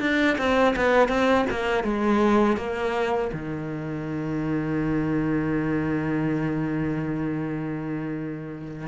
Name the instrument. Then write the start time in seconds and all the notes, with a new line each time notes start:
cello
0.00 D4
0.38 C4
0.76 B3
1.08 C4
1.50 A#3
1.84 G#3
2.57 A#3
3.33 D#3